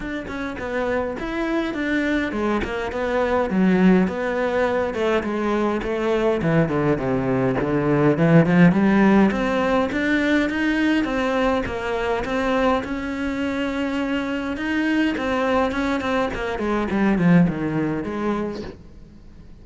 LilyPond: \new Staff \with { instrumentName = "cello" } { \time 4/4 \tempo 4 = 103 d'8 cis'8 b4 e'4 d'4 | gis8 ais8 b4 fis4 b4~ | b8 a8 gis4 a4 e8 d8 | c4 d4 e8 f8 g4 |
c'4 d'4 dis'4 c'4 | ais4 c'4 cis'2~ | cis'4 dis'4 c'4 cis'8 c'8 | ais8 gis8 g8 f8 dis4 gis4 | }